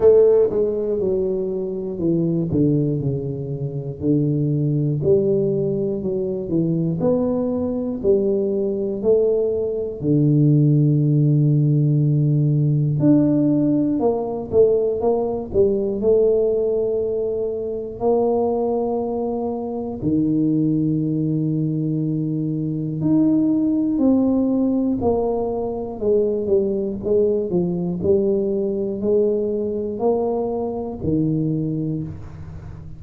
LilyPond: \new Staff \with { instrumentName = "tuba" } { \time 4/4 \tempo 4 = 60 a8 gis8 fis4 e8 d8 cis4 | d4 g4 fis8 e8 b4 | g4 a4 d2~ | d4 d'4 ais8 a8 ais8 g8 |
a2 ais2 | dis2. dis'4 | c'4 ais4 gis8 g8 gis8 f8 | g4 gis4 ais4 dis4 | }